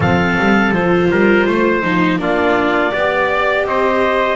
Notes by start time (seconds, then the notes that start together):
0.00 F3 C4 A4 F5
0.38 G3
0.72 F3 F4 C5
1.10 G3 A#4
1.46 A3 C5
1.82 F3 D#4
2.19 A#3 D4 F4 D5
2.92 B3 G4 D5
3.65 C4 C5 D#5